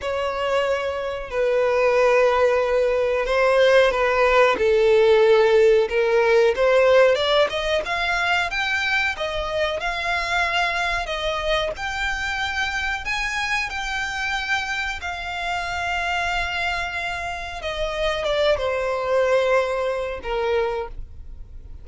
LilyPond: \new Staff \with { instrumentName = "violin" } { \time 4/4 \tempo 4 = 92 cis''2 b'2~ | b'4 c''4 b'4 a'4~ | a'4 ais'4 c''4 d''8 dis''8 | f''4 g''4 dis''4 f''4~ |
f''4 dis''4 g''2 | gis''4 g''2 f''4~ | f''2. dis''4 | d''8 c''2~ c''8 ais'4 | }